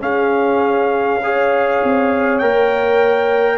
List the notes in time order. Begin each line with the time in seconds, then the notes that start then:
0.00 C#4 G#4 F5
1.23 G#4 C#5
1.83 C4
2.39 A#3 A#4 G5